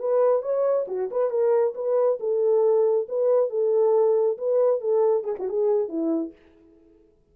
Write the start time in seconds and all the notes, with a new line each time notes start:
0.00 B4
0.43 C#5
0.88 F#4
1.11 B4
1.31 A#4
1.75 B4
2.20 A4
3.09 B4
3.50 A4
4.38 B4
4.81 A4
5.24 G#4
5.39 F#4
5.49 G#4
5.89 E4